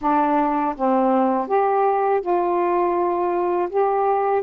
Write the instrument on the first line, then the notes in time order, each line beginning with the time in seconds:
saxophone
0.01 D4
0.76 C4
1.47 G4
2.21 F4
3.69 G4